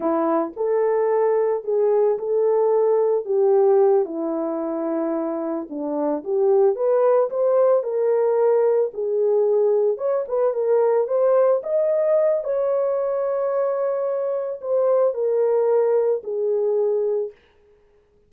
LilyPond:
\new Staff \with { instrumentName = "horn" } { \time 4/4 \tempo 4 = 111 e'4 a'2 gis'4 | a'2 g'4. e'8~ | e'2~ e'8 d'4 g'8~ | g'8 b'4 c''4 ais'4.~ |
ais'8 gis'2 cis''8 b'8 ais'8~ | ais'8 c''4 dis''4. cis''4~ | cis''2. c''4 | ais'2 gis'2 | }